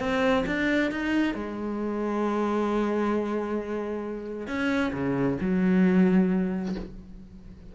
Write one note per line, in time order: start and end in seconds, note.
0.00 0.45 C4
0.47 0.91 D4
0.91 1.35 D#4
1.35 4.48 G#3
4.48 4.93 C#4
4.93 5.38 C#3
5.41 6.76 F#3